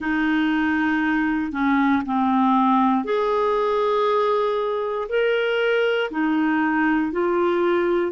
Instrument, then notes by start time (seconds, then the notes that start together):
clarinet
0.00 D#4
1.52 C#4
2.05 C4
3.04 G#4
5.08 A#4
6.11 D#4
7.11 F4